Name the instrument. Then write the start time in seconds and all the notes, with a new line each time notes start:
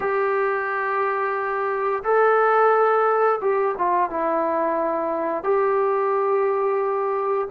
trombone
0.00 G4
2.03 A4
3.41 G4
3.77 F4
4.09 E4
5.43 G4